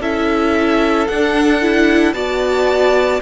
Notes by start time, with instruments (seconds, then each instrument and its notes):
0.00 cello C#4, viola E4, violin A4 E5
1.07 cello D4, viola D4, violin F#5
1.61 viola E4
2.12 cello B3, viola F#4, violin D5 A5